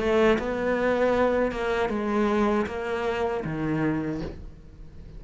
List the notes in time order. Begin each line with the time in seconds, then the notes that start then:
0.00 A3
0.40 B3
1.52 A#3
1.90 G#3
2.67 A#3
3.45 D#3